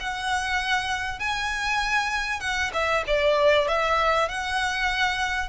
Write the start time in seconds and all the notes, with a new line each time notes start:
0.00 F#5
1.20 G#5
2.40 F#5
2.74 E5
3.07 D5
3.68 E5
4.29 F#5